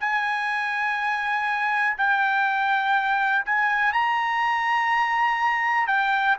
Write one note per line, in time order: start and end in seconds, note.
0.00 1.97 G#5
1.98 3.45 G5
3.46 3.93 G#5
3.93 5.87 A#5
5.87 6.36 G5